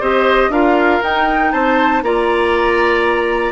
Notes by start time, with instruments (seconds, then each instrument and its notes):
0.00 bassoon C4, clarinet G4, oboe C5, flute D#5
0.49 bassoon D4, clarinet F4, oboe A#4, flute F5
1.03 clarinet D#4, bassoon D#4, flute G5
1.52 bassoon C4, oboe C5, flute A5
2.02 bassoon A#3, clarinet F4, oboe D5, flute A#5